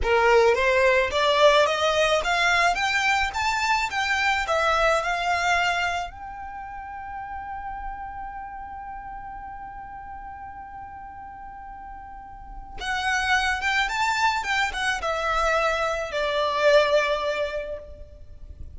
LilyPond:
\new Staff \with { instrumentName = "violin" } { \time 4/4 \tempo 4 = 108 ais'4 c''4 d''4 dis''4 | f''4 g''4 a''4 g''4 | e''4 f''2 g''4~ | g''1~ |
g''1~ | g''2. fis''4~ | fis''8 g''8 a''4 g''8 fis''8 e''4~ | e''4 d''2. | }